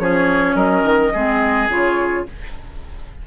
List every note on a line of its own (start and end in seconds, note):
0.00 0.55 F3
0.00 1.14 C#4
0.00 0.56 G#4
0.00 0.56 C#5
0.55 0.84 F#3
0.55 1.13 A#4
0.55 1.70 D#5
0.84 1.12 D#3
1.13 1.69 G#3
1.13 1.70 C4
1.13 2.27 G#4
1.69 2.26 C#3
1.69 2.26 F4
1.69 2.27 C#5